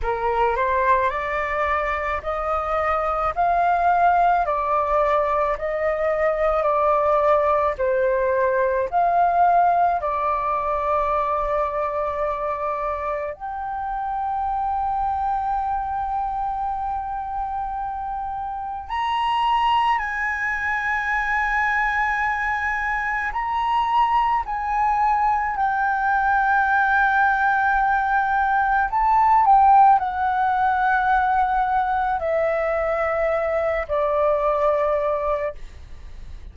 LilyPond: \new Staff \with { instrumentName = "flute" } { \time 4/4 \tempo 4 = 54 ais'8 c''8 d''4 dis''4 f''4 | d''4 dis''4 d''4 c''4 | f''4 d''2. | g''1~ |
g''4 ais''4 gis''2~ | gis''4 ais''4 gis''4 g''4~ | g''2 a''8 g''8 fis''4~ | fis''4 e''4. d''4. | }